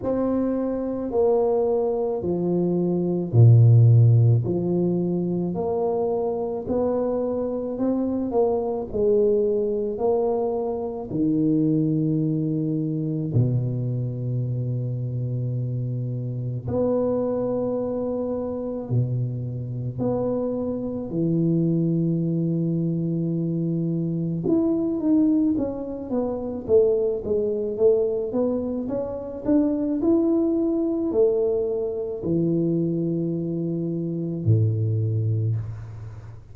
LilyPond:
\new Staff \with { instrumentName = "tuba" } { \time 4/4 \tempo 4 = 54 c'4 ais4 f4 ais,4 | f4 ais4 b4 c'8 ais8 | gis4 ais4 dis2 | b,2. b4~ |
b4 b,4 b4 e4~ | e2 e'8 dis'8 cis'8 b8 | a8 gis8 a8 b8 cis'8 d'8 e'4 | a4 e2 a,4 | }